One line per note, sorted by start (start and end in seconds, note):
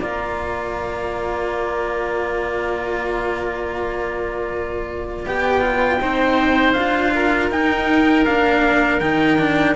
0.00 5.25 A#3
0.00 5.26 F4
0.00 6.00 D5
0.00 5.27 A#5
5.26 6.01 B3
5.26 5.61 G4
5.26 6.73 G5
5.61 5.99 F4
6.01 6.75 C4
6.01 6.76 D#4
6.01 7.14 C5
6.73 7.50 D4
6.73 7.52 F4
6.73 7.48 F5
7.15 9.76 A#4
7.50 8.25 D#4
7.50 8.26 D#4
7.50 8.25 G5
8.25 9.01 A#3
8.25 9.01 D4
8.25 9.00 F5
9.00 9.76 D#3
9.00 9.38 D#4
9.00 9.75 G5
9.38 9.75 D4